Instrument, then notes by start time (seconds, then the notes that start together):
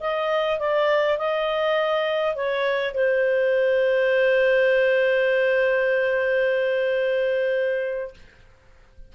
clarinet
0.00 D#5
0.59 D5
1.18 D#5
2.35 C#5
2.94 C5